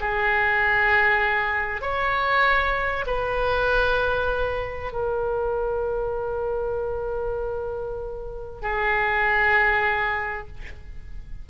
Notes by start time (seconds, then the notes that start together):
0.00 G#4
1.81 C#5
3.06 B4
4.92 A#4
8.62 G#4